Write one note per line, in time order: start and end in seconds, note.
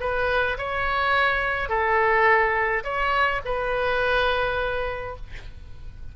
0.00 0.57 B4
0.58 1.69 C#5
1.69 2.83 A4
2.84 3.41 C#5
3.45 5.16 B4